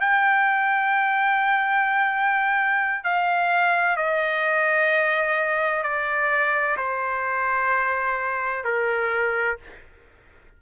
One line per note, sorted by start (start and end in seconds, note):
0.00 3.03 G5
3.03 3.96 F5
3.96 5.83 D#5
5.83 6.77 D5
6.77 8.64 C5
8.64 9.58 A#4